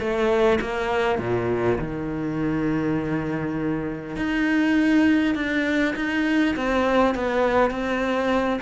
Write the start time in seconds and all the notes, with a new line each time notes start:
0.00 A3
0.61 A#3
1.19 A#2
1.79 D#3
4.16 D#4
5.35 D4
5.96 D#4
6.56 C4
7.15 B3
7.71 C4